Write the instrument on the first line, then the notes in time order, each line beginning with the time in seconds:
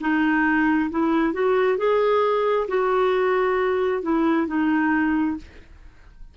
clarinet
0.00 D#4
0.90 E4
1.33 F#4
1.77 G#4
2.67 F#4
4.02 E4
4.47 D#4